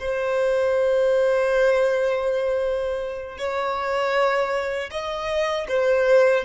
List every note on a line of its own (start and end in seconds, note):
0.00 3.39 C5
3.39 4.91 C#5
4.92 5.68 D#5
5.69 6.45 C5